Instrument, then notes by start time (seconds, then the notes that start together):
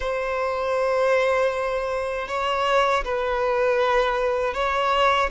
violin
0.00 C5
2.28 C#5
3.04 B4
4.54 C#5